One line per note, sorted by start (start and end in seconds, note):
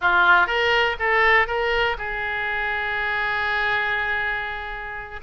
0.01 0.47 F4
0.47 0.96 A#4
0.99 1.47 A4
1.47 1.97 A#4
1.98 5.20 G#4